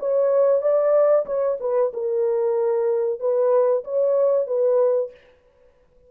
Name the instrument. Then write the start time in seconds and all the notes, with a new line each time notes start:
horn
0.00 C#5
0.62 D5
1.26 C#5
1.61 B4
1.94 A#4
3.20 B4
3.85 C#5
4.48 B4